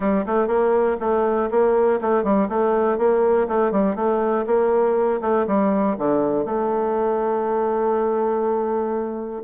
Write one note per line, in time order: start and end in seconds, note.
0.00 0.25 G3
0.25 0.47 A3
0.47 0.97 A#3
0.99 1.49 A3
1.50 2.00 A#3
2.01 2.23 A3
2.23 2.48 G3
2.48 2.98 A3
2.98 3.47 A#3
3.48 3.71 A3
3.71 3.95 G3
3.95 4.45 A3
4.46 5.21 A#3
5.21 5.45 A3
5.47 5.96 G3
5.98 6.45 D3
6.45 9.42 A3